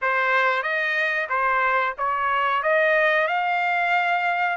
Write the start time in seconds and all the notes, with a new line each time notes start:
0.01 C5
0.62 D#5
1.29 C5
1.97 C#5
2.62 D#5
3.27 F5